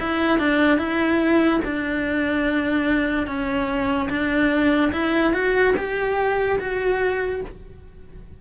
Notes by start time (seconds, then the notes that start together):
0.00 E4
0.39 D4
0.78 E4
1.65 D4
3.27 C#4
4.10 D4
4.93 E4
5.33 F#4
5.77 G4
6.59 F#4